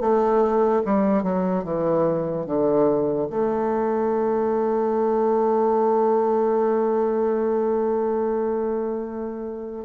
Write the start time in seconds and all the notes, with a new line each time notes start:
0.00 A3
0.84 G3
1.23 F#3
1.64 E3
2.46 D3
3.29 A3